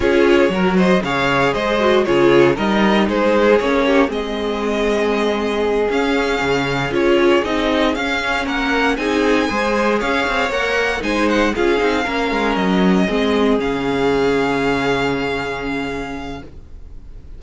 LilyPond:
<<
  \new Staff \with { instrumentName = "violin" } { \time 4/4 \tempo 4 = 117 cis''4. dis''8 f''4 dis''4 | cis''4 dis''4 c''4 cis''4 | dis''2.~ dis''8 f''8~ | f''4. cis''4 dis''4 f''8~ |
f''8 fis''4 gis''2 f''8~ | f''8 fis''4 gis''8 fis''8 f''4.~ | f''8 dis''2 f''4.~ | f''1 | }
  \new Staff \with { instrumentName = "violin" } { \time 4/4 gis'4 ais'8 c''8 cis''4 c''4 | gis'4 ais'4 gis'4. g'8 | gis'1~ | gis'1~ |
gis'8 ais'4 gis'4 c''4 cis''8~ | cis''4. c''4 gis'4 ais'8~ | ais'4. gis'2~ gis'8~ | gis'1 | }
  \new Staff \with { instrumentName = "viola" } { \time 4/4 f'4 fis'4 gis'4. fis'8 | f'4 dis'2 cis'4 | c'2.~ c'8 cis'8~ | cis'4. f'4 dis'4 cis'8~ |
cis'4. dis'4 gis'4.~ | gis'8 ais'4 dis'4 f'8 dis'8 cis'8~ | cis'4. c'4 cis'4.~ | cis'1 | }
  \new Staff \with { instrumentName = "cello" } { \time 4/4 cis'4 fis4 cis4 gis4 | cis4 g4 gis4 ais4 | gis2.~ gis8 cis'8~ | cis'8 cis4 cis'4 c'4 cis'8~ |
cis'8 ais4 c'4 gis4 cis'8 | c'8 ais4 gis4 cis'8 c'8 ais8 | gis8 fis4 gis4 cis4.~ | cis1 | }
>>